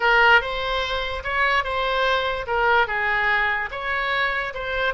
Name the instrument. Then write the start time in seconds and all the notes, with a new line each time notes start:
oboe
0.00 A#4
0.41 C5
1.23 C#5
1.63 C5
2.46 A#4
2.87 G#4
3.71 C#5
4.53 C5